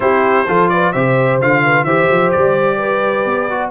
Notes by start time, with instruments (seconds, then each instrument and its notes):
0.00 tuba C4, trombone E4, horn G4, trumpet C5
0.47 tuba F3, trombone F4, horn A4
0.69 horn B4, trumpet D5
0.92 tuba C3, trombone G4, horn C5, trumpet E5
1.39 tuba D3, trombone F4, trumpet F5
1.64 horn B4
1.84 tuba E3, trombone G4, horn C5, trumpet E5
2.10 tuba F3
2.31 tuba G3, trumpet D5
2.77 horn B4
3.25 tuba B3
3.49 trombone F#4